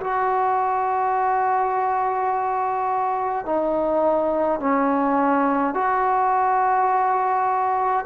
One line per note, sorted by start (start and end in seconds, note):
0.00 3.45 F#4
3.45 4.60 D#4
4.60 5.74 C#4
5.74 8.05 F#4